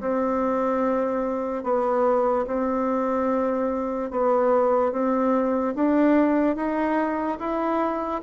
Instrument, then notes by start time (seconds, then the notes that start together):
bassoon
0.00 C4
1.63 B3
2.47 C4
4.10 B3
4.92 C4
5.75 D4
6.56 D#4
7.39 E4